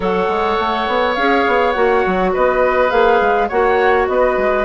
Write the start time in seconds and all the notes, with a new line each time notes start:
0.00 F#3 A4 C#5 F#5
0.27 G#3
0.59 A3
0.87 B3
1.14 C#4 G#4 F5
1.47 B3
1.72 A#3 F#4 F#5
2.06 F#3
2.33 B3 B4 D#5
2.89 A#3 G#4 F5
3.20 G#3
3.48 A#3 F#4 C#5 F#5
4.07 B3 B4 D#5
4.37 G#3